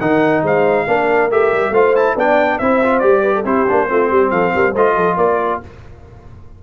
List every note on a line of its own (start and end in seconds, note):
0.00 0.43 D#3
0.00 0.87 D#4
0.00 0.43 A#4
0.00 0.43 F#5
0.43 0.86 G#3
0.43 0.86 C5
0.43 1.31 F5
0.87 1.31 A#3
0.87 1.30 D4
0.87 1.73 A#4
1.31 1.52 A3
1.31 1.74 G4
1.31 1.74 E5
1.53 1.71 G3
1.71 2.14 A3
1.71 1.96 F4
1.71 2.15 C5
1.71 1.95 F5
1.96 2.17 E4
1.96 2.17 A5
2.15 2.59 B3
2.15 2.61 D4
2.15 2.58 D5
2.15 2.58 G5
2.58 3.03 C4
2.58 2.83 E4
2.58 3.22 C5
2.58 2.99 E5
2.83 3.01 F4
2.99 3.45 G3
2.99 3.44 G4
2.99 3.43 D5
3.22 3.33 B4
3.35 3.45 A4
3.45 3.66 C4
3.45 3.67 E4
3.45 3.88 G4
3.45 4.31 C5
3.68 3.90 A#3
3.68 3.89 D4
3.89 4.11 A3
3.89 4.75 C4
3.89 4.10 F4
4.10 4.31 G3
4.10 4.31 G4
4.31 4.53 F3
4.31 4.54 A4
4.31 4.74 F5
4.54 4.74 G3
4.54 4.72 A#4
4.72 4.96 A3
4.72 5.63 F4
4.72 4.94 C5
4.72 5.17 D#5
4.96 5.17 F3
4.96 5.17 A4
5.17 5.60 A#3
5.17 5.60 A#4
5.17 5.61 D5